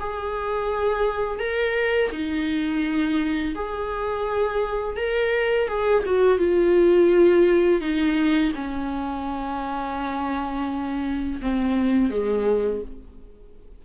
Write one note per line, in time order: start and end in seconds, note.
0.00 1.39 G#4
1.39 2.11 A#4
2.12 3.55 D#4
3.55 4.97 G#4
4.97 5.68 A#4
5.68 6.04 G#4
6.06 6.39 F#4
6.39 7.81 F4
7.81 8.52 D#4
8.55 11.41 C#4
11.41 12.10 C4
12.10 12.81 G#3